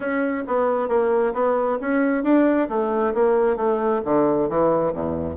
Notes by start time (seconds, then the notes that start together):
0.00 C#4
0.47 B3
0.88 A#3
1.33 B3
1.80 C#4
2.23 D4
2.69 A3
3.14 A#3
3.56 A3
4.04 D3
4.49 E3
4.93 E2